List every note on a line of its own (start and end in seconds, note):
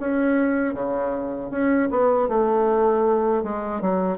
0.00 0.74 C#4
0.74 1.51 C#3
1.51 1.89 C#4
1.90 2.28 B3
2.28 3.43 A3
3.43 3.81 G#3
3.81 4.17 F#3